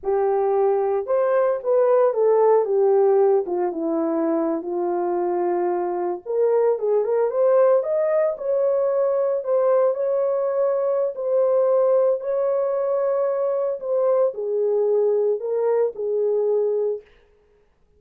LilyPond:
\new Staff \with { instrumentName = "horn" } { \time 4/4 \tempo 4 = 113 g'2 c''4 b'4 | a'4 g'4. f'8 e'4~ | e'8. f'2. ais'16~ | ais'8. gis'8 ais'8 c''4 dis''4 cis''16~ |
cis''4.~ cis''16 c''4 cis''4~ cis''16~ | cis''4 c''2 cis''4~ | cis''2 c''4 gis'4~ | gis'4 ais'4 gis'2 | }